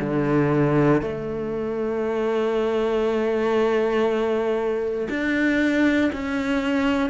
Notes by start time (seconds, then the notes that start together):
0.00 D3
1.01 A3
5.09 D4
6.12 C#4